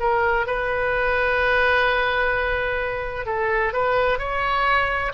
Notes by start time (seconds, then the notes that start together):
0.00 A#4
0.47 B4
3.26 A4
3.73 B4
4.18 C#5